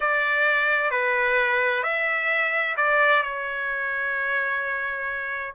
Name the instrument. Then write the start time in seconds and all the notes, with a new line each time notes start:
trumpet
0.00 D5
0.91 B4
1.83 E5
2.77 D5
3.23 C#5